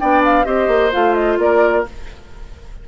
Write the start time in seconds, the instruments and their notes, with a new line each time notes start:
0.00 bassoon B3, clarinet D4, oboe D5, flute G5
0.24 flute F5
0.44 bassoon C4, clarinet G4, oboe C5, flute D#5
0.68 bassoon A#3
0.92 bassoon A3, clarinet F4, flute F5
1.15 flute D#5
1.38 bassoon A#3, oboe A#4, flute D5